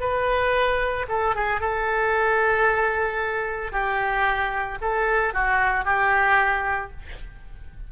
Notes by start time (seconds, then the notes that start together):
0.00 B4
1.09 A4
1.36 G#4
1.60 A4
3.72 G4
4.81 A4
5.34 F#4
5.85 G4